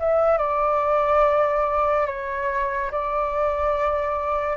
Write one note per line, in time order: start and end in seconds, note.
0.00 0.38 E5
0.38 2.07 D5
2.07 2.91 C#5
2.92 4.57 D5